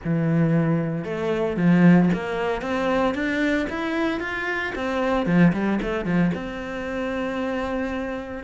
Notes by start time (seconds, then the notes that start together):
0.04 E3
1.04 A3
1.56 F3
2.13 A#3
2.61 C4
3.14 D4
3.69 E4
4.20 F4
4.75 C4
5.26 F3
5.52 G3
5.82 A3
6.05 F3
6.34 C4